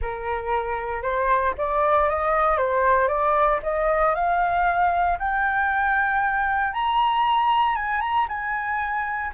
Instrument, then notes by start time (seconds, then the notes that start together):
flute
0.01 A#4
1.02 C5
1.57 D5
2.09 D#5
2.57 C5
3.08 D5
3.63 D#5
4.14 F5
5.18 G5
6.73 A#5
7.75 G#5
8.01 A#5
8.28 G#5